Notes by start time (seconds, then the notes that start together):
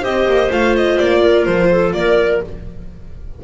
0.00 C4 G4 C5 D#5
0.26 A#3
0.50 A3 F4 F5
0.76 D#5
0.98 A#3 D5
1.21 A#4
1.45 F3 C5
1.71 A4
1.94 A#3 A#4 D5